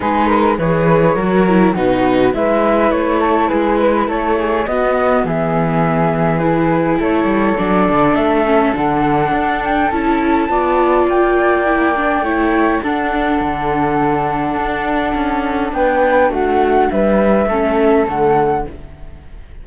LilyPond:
<<
  \new Staff \with { instrumentName = "flute" } { \time 4/4 \tempo 4 = 103 b'4 cis''2 b'4 | e''4 cis''4 b'4 cis''4 | dis''4 e''2 b'4 | cis''4 d''4 e''4 fis''4~ |
fis''8 g''8 a''2 g''4~ | g''2 fis''2~ | fis''2. g''4 | fis''4 e''2 fis''4 | }
  \new Staff \with { instrumentName = "flute" } { \time 4/4 gis'8 ais'8 b'4 ais'4 fis'4 | b'4. a'8 gis'8 b'8 a'8 gis'8 | fis'4 gis'2. | a'1~ |
a'2 d''2~ | d''4 cis''4 a'2~ | a'2. b'4 | fis'4 b'4 a'2 | }
  \new Staff \with { instrumentName = "viola" } { \time 4/4 dis'4 gis'4 fis'8 e'8 dis'4 | e'1 | b2. e'4~ | e'4 d'4. cis'8 d'4~ |
d'4 e'4 f'2 | e'8 d'8 e'4 d'2~ | d'1~ | d'2 cis'4 a4 | }
  \new Staff \with { instrumentName = "cello" } { \time 4/4 gis4 e4 fis4 b,4 | gis4 a4 gis4 a4 | b4 e2. | a8 g8 fis8 d8 a4 d4 |
d'4 cis'4 b4 ais4~ | ais4 a4 d'4 d4~ | d4 d'4 cis'4 b4 | a4 g4 a4 d4 | }
>>